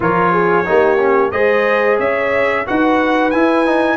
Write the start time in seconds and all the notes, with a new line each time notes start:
0.00 F3 F4 A#4 C#5
0.32 G#4
0.65 A#3 D#4 G4
0.98 C#4
1.31 G#3 G#4 C5 D#5
1.98 C#4 C#5 E5
2.66 D#4 F#4 B4 F#5
3.31 E4 G#5
3.65 D#4